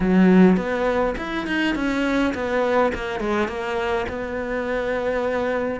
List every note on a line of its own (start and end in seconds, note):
0.00 0.56 F#3
0.56 1.15 B3
1.17 1.46 E4
1.46 1.75 D#4
1.75 2.33 C#4
2.34 2.92 B3
2.94 3.20 A#3
3.20 3.47 G#3
3.47 4.06 A#3
4.09 5.80 B3